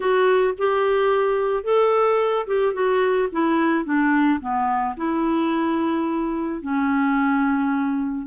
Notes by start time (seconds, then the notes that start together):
0.00 F#4
0.58 G4
1.63 A4
2.46 G4
2.73 F#4
3.32 E4
3.84 D4
4.40 B3
4.96 E4
6.61 C#4